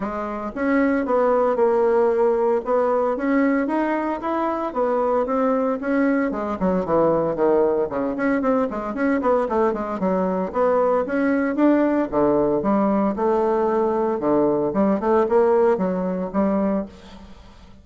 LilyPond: \new Staff \with { instrumentName = "bassoon" } { \time 4/4 \tempo 4 = 114 gis4 cis'4 b4 ais4~ | ais4 b4 cis'4 dis'4 | e'4 b4 c'4 cis'4 | gis8 fis8 e4 dis4 cis8 cis'8 |
c'8 gis8 cis'8 b8 a8 gis8 fis4 | b4 cis'4 d'4 d4 | g4 a2 d4 | g8 a8 ais4 fis4 g4 | }